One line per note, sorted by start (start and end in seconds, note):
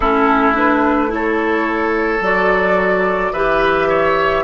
0.00 2.20 A3
0.00 0.53 C#4
0.00 1.08 E4
0.00 0.52 A4
0.53 1.07 D4
0.53 1.12 B4
1.07 2.19 E4
1.07 2.23 C#5
1.14 3.32 A4
2.20 3.31 F#3
2.20 3.35 F#4
2.20 3.32 D5
3.32 4.44 E3
3.32 4.44 G4
3.32 3.88 B4
3.32 4.44 E5
3.88 4.44 C#5